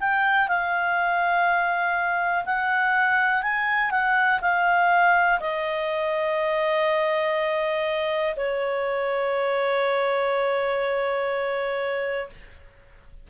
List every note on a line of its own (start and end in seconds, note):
0.00 0.48 G5
0.48 2.45 F5
2.45 3.42 F#5
3.42 3.90 G#5
3.90 4.39 F#5
4.41 5.39 F5
5.40 8.35 D#5
8.36 12.30 C#5